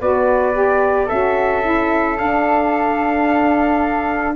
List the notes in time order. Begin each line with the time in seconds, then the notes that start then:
0.00 B3 F#4 B4 D5
0.53 G4
1.06 C#4 F#4 A4 E5
1.62 E4
2.16 D4 F5